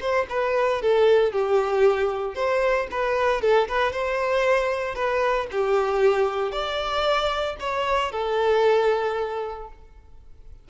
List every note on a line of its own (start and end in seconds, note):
0.00 0.26 C5
0.29 0.82 B4
0.82 1.32 A4
1.32 2.35 G4
2.35 2.87 C5
2.91 3.42 B4
3.42 3.68 A4
3.68 3.92 B4
3.92 4.95 C5
4.95 5.47 B4
5.51 6.52 G4
6.52 7.56 D5
7.60 8.12 C#5
8.12 9.68 A4